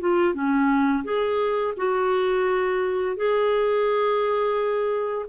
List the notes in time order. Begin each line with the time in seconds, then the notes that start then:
0.00 F4
0.34 C#4
1.04 G#4
1.77 F#4
3.16 G#4